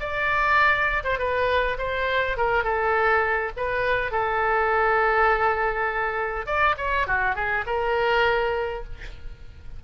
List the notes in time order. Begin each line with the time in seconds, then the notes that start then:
0.00 D5
1.04 C5
1.19 B4
1.78 C5
2.37 A#4
2.64 A4
3.57 B4
4.12 A4
6.46 D5
6.78 C#5
7.07 F#4
7.35 G#4
7.66 A#4